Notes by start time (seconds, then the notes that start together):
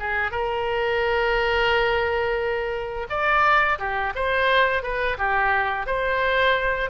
0.00 G#4
0.32 A#4
3.10 D5
3.79 G4
4.15 C5
4.83 B4
5.18 G4
5.87 C5